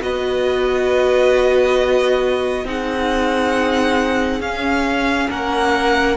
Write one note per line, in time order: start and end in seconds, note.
0.00 2.64 B3
0.00 2.64 F#4
0.00 2.65 B4
0.00 2.67 D#5
2.64 4.40 C4
2.64 4.41 D#4
2.64 5.29 G#4
2.64 4.41 F#5
4.40 5.28 C#4
4.40 6.17 C#4
4.40 5.29 F5
5.29 6.17 A#3
5.29 6.17 A#4
5.29 6.17 F#5